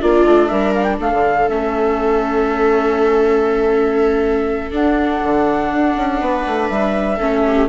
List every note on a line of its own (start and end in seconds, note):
0.00 0.25 A#3
0.00 1.49 D4
0.00 0.50 F4
0.00 0.48 D5
0.25 0.50 A3
0.48 1.00 G3
0.48 1.00 A#4
0.48 0.73 E5
0.75 0.83 F5
0.83 0.96 G5
1.00 1.12 A3
1.00 6.21 A4
1.00 1.49 F5
1.13 1.49 D3
1.49 4.71 A3
1.49 4.71 C#4
1.49 4.71 E5
4.71 5.20 D4
4.71 7.19 D4
4.71 6.68 F#5
5.23 5.72 D3
5.72 5.96 D4
5.96 6.21 C#4
6.21 6.45 B3
6.21 7.17 B4
6.46 6.70 A3
6.68 7.20 G3
6.68 7.67 E5
7.17 7.69 A3
7.17 7.69 C#4
7.17 7.42 A4
7.46 7.69 G4